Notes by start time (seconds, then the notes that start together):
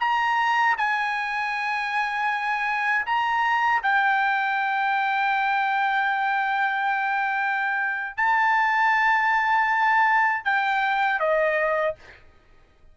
0.00 A#5
0.78 G#5
3.06 A#5
3.83 G5
8.17 A5
10.45 G5
11.20 D#5